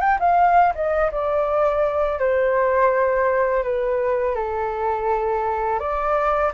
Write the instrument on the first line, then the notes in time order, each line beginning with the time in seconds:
flute
0.00 G5
0.19 F5
0.75 D#5
1.11 D5
2.19 C5
3.63 B4
4.35 A4
5.80 D5